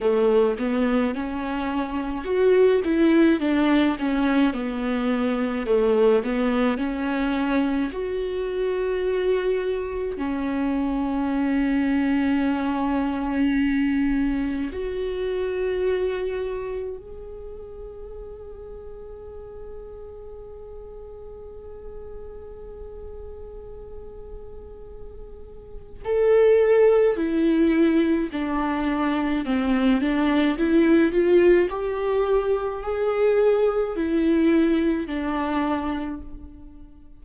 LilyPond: \new Staff \with { instrumentName = "viola" } { \time 4/4 \tempo 4 = 53 a8 b8 cis'4 fis'8 e'8 d'8 cis'8 | b4 a8 b8 cis'4 fis'4~ | fis'4 cis'2.~ | cis'4 fis'2 gis'4~ |
gis'1~ | gis'2. a'4 | e'4 d'4 c'8 d'8 e'8 f'8 | g'4 gis'4 e'4 d'4 | }